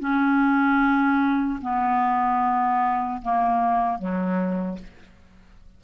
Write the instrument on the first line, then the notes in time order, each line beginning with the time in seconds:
clarinet
0.00 C#4
1.61 B3
3.22 A#3
3.99 F#3